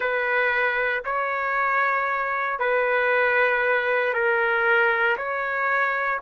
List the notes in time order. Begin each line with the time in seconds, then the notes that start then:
0.00 B4
1.04 C#5
2.59 B4
4.13 A#4
5.17 C#5